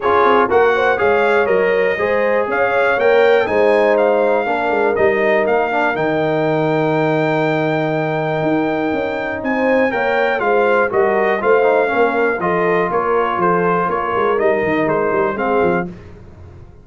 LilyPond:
<<
  \new Staff \with { instrumentName = "trumpet" } { \time 4/4 \tempo 4 = 121 cis''4 fis''4 f''4 dis''4~ | dis''4 f''4 g''4 gis''4 | f''2 dis''4 f''4 | g''1~ |
g''2. gis''4 | g''4 f''4 dis''4 f''4~ | f''4 dis''4 cis''4 c''4 | cis''4 dis''4 c''4 f''4 | }
  \new Staff \with { instrumentName = "horn" } { \time 4/4 gis'4 ais'8 c''8 cis''2 | c''4 cis''2 c''4~ | c''4 ais'2.~ | ais'1~ |
ais'2. c''4 | cis''4 c''4 ais'4 c''4 | ais'4 a'4 ais'4 a'4 | ais'2. gis'4 | }
  \new Staff \with { instrumentName = "trombone" } { \time 4/4 f'4 fis'4 gis'4 ais'4 | gis'2 ais'4 dis'4~ | dis'4 d'4 dis'4. d'8 | dis'1~ |
dis'1 | ais'4 f'4 fis'4 f'8 dis'8 | cis'4 f'2.~ | f'4 dis'2 c'4 | }
  \new Staff \with { instrumentName = "tuba" } { \time 4/4 cis'8 c'8 ais4 gis4 fis4 | gis4 cis'4 ais4 gis4~ | gis4 ais8 gis8 g4 ais4 | dis1~ |
dis4 dis'4 cis'4 c'4 | ais4 gis4 g4 a4 | ais4 f4 ais4 f4 | ais8 gis8 g8 dis8 gis8 g8 gis8 f8 | }
>>